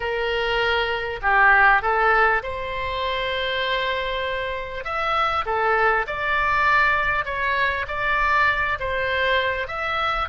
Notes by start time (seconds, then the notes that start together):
0.00 A#4
1.22 G4
1.82 A4
2.42 C5
4.84 E5
5.45 A4
6.06 D5
7.25 C#5
7.87 D5
8.79 C5
9.67 E5